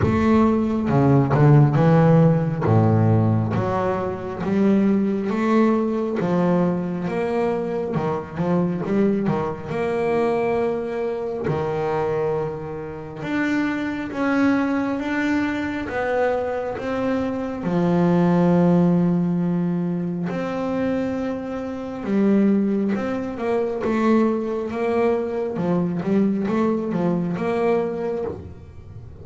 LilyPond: \new Staff \with { instrumentName = "double bass" } { \time 4/4 \tempo 4 = 68 a4 cis8 d8 e4 a,4 | fis4 g4 a4 f4 | ais4 dis8 f8 g8 dis8 ais4~ | ais4 dis2 d'4 |
cis'4 d'4 b4 c'4 | f2. c'4~ | c'4 g4 c'8 ais8 a4 | ais4 f8 g8 a8 f8 ais4 | }